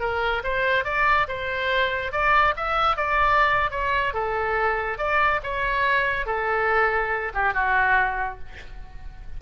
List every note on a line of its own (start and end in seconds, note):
0.00 0.43 A#4
0.44 0.85 C5
0.85 1.27 D5
1.28 2.12 C5
2.12 2.55 D5
2.56 2.97 E5
2.97 3.71 D5
3.71 4.14 C#5
4.14 4.98 A4
4.98 5.41 D5
5.43 6.26 C#5
6.26 7.32 A4
7.34 7.54 G4
7.54 8.39 F#4